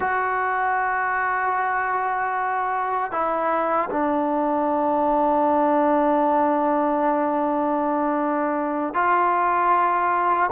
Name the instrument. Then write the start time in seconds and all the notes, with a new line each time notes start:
trombone
0.00 F#4
3.11 E4
3.90 D4
8.94 F4